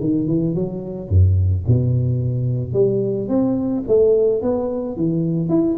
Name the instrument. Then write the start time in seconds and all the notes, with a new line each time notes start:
tuba
0.00 D#3
0.27 E3
0.55 F#3
1.09 F#2
1.67 B2
2.73 G3
3.29 C4
3.88 A3
4.42 B3
4.96 E3
5.49 E4